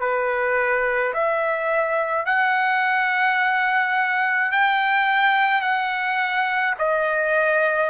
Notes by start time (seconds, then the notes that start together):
0.00 B4
1.14 E5
2.25 F#5
4.52 G5
5.61 F#5
6.79 D#5